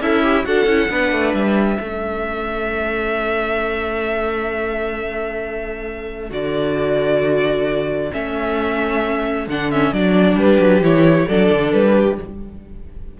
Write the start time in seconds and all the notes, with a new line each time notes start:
0.00 C#4 E4 A4 E5
0.23 G4
0.44 D4 F#4 A4 F#5
0.65 C#4 E4
0.90 B3 D4 B4
1.12 A3
1.33 G3 E5
1.79 A3 C#4 A4
6.30 D3 F#4 D5
8.12 A3 C#4 E5
9.47 D3 D4 F#5
9.71 C#4 E5
9.93 F#3 D4 D5
10.36 G3 G4 B4
10.60 F#3
10.81 E3 E4 C#5
11.28 F#3 D4 A4 D5
11.51 D3
11.72 G3 B4
11.97 G4